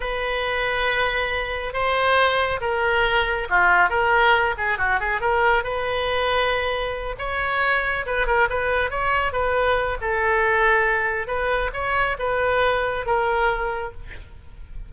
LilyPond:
\new Staff \with { instrumentName = "oboe" } { \time 4/4 \tempo 4 = 138 b'1 | c''2 ais'2 | f'4 ais'4. gis'8 fis'8 gis'8 | ais'4 b'2.~ |
b'8 cis''2 b'8 ais'8 b'8~ | b'8 cis''4 b'4. a'4~ | a'2 b'4 cis''4 | b'2 ais'2 | }